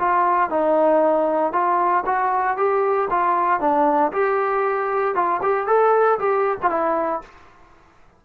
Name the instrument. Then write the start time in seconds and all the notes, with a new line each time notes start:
trombone
0.00 F4
0.50 D#4
1.53 F4
2.06 F#4
2.57 G4
3.11 F4
3.61 D4
4.13 G4
5.15 F4
5.42 G4
5.68 A4
6.20 G4
6.63 F4
6.70 E4